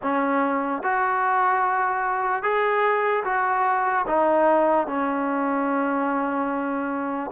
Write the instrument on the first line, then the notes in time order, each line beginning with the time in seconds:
trombone
0.02 C#4
0.83 F#4
2.42 G#4
3.24 F#4
4.07 D#4
4.87 C#4